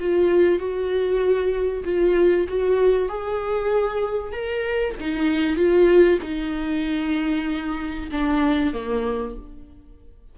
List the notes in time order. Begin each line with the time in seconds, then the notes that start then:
0.00 F4
0.59 F#4
1.85 F4
2.49 F#4
3.09 G#4
4.33 A#4
5.00 D#4
5.57 F4
6.23 D#4
8.12 D4
8.74 A#3